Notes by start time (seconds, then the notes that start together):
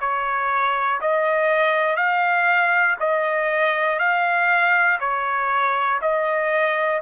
0.00 C#5
1.01 D#5
1.96 F5
3.00 D#5
4.00 F5
5.00 C#5
6.02 D#5